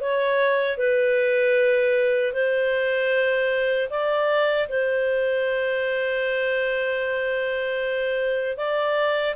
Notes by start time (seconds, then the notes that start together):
0.00 C#5
0.77 B4
2.33 C5
3.90 D5
4.68 C5
8.56 D5